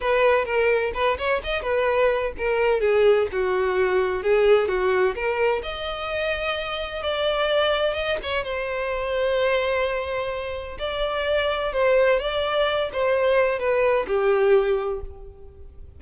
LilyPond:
\new Staff \with { instrumentName = "violin" } { \time 4/4 \tempo 4 = 128 b'4 ais'4 b'8 cis''8 dis''8 b'8~ | b'4 ais'4 gis'4 fis'4~ | fis'4 gis'4 fis'4 ais'4 | dis''2. d''4~ |
d''4 dis''8 cis''8 c''2~ | c''2. d''4~ | d''4 c''4 d''4. c''8~ | c''4 b'4 g'2 | }